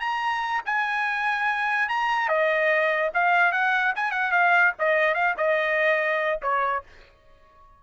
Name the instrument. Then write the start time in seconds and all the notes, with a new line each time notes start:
trumpet
0.00 A#5
0.66 G#5
1.89 A#5
2.28 D#5
3.14 F5
3.52 F#5
3.96 G#5
4.11 F#5
4.32 F5
4.79 D#5
5.14 F5
5.37 D#5
6.42 C#5